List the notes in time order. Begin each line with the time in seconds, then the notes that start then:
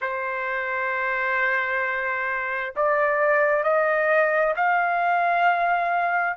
0.01 C5
2.76 D5
3.63 D#5
4.56 F5